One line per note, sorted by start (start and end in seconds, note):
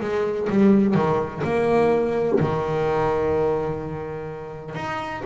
0.00 0.48 G#3
0.49 0.94 G3
0.94 1.42 D#3
1.44 2.39 A#3
2.40 4.74 D#3
4.74 5.22 D#4